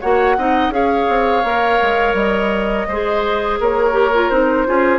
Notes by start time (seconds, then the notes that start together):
0.00 A#3 F#4 C#5 F#5
0.37 C4 D#4 D#5
0.69 C#4 G#4 C#5 F5
1.09 C4
1.43 A#3 A#4
1.81 G#3
2.13 G3 D#5
2.88 G#3 G#4 C5
3.60 A#3 A#4 C#5
3.92 G4
4.14 F4
4.29 C4 D#4 C5
4.66 C#4 F4 G#4